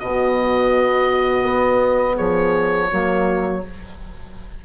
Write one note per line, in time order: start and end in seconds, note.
0.00 1.44 B2
0.00 2.89 B3
0.00 2.16 F#4
0.00 2.17 D#5
1.44 2.16 B3
2.16 2.92 F3
2.16 2.88 G#4
2.16 3.62 C#5
2.89 3.65 F#3
2.89 3.61 A#3
2.89 3.63 F#4